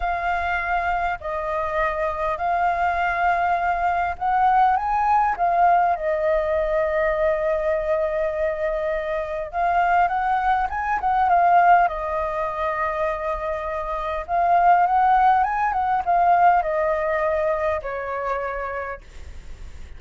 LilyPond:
\new Staff \with { instrumentName = "flute" } { \time 4/4 \tempo 4 = 101 f''2 dis''2 | f''2. fis''4 | gis''4 f''4 dis''2~ | dis''1 |
f''4 fis''4 gis''8 fis''8 f''4 | dis''1 | f''4 fis''4 gis''8 fis''8 f''4 | dis''2 cis''2 | }